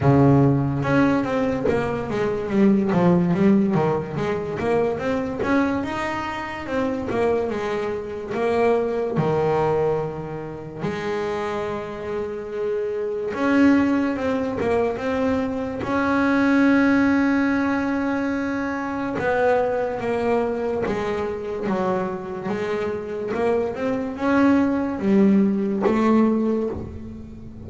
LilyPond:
\new Staff \with { instrumentName = "double bass" } { \time 4/4 \tempo 4 = 72 cis4 cis'8 c'8 ais8 gis8 g8 f8 | g8 dis8 gis8 ais8 c'8 cis'8 dis'4 | c'8 ais8 gis4 ais4 dis4~ | dis4 gis2. |
cis'4 c'8 ais8 c'4 cis'4~ | cis'2. b4 | ais4 gis4 fis4 gis4 | ais8 c'8 cis'4 g4 a4 | }